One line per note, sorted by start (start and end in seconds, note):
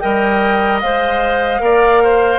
0.00 0.83 G3
0.00 0.81 A#4
0.00 1.62 D#5
0.00 0.80 G5
0.81 1.60 G#3
0.81 1.59 C5
0.81 2.39 F5
1.59 2.39 A#3
1.59 2.39 A#4
1.59 2.04 D5
2.04 2.39 C5